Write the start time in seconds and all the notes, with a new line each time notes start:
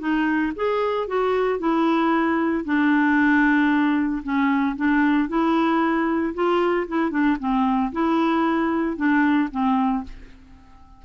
0.00 D#4
0.56 G#4
1.08 F#4
1.60 E4
2.65 D4
4.23 C#4
4.77 D4
5.29 E4
6.35 F4
6.88 E4
7.11 D4
7.40 C4
7.93 E4
8.97 D4
9.52 C4